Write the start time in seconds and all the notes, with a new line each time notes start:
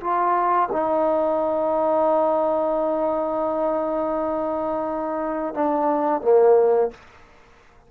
0.00 F4
0.72 D#4
5.54 D4
6.22 A#3